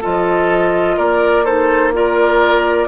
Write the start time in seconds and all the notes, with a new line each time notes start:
0.00 F3 F4 A4 D#5
0.96 A#3 A#4 D5
1.44 D#4 A4 C5
1.92 F4 A#4 D5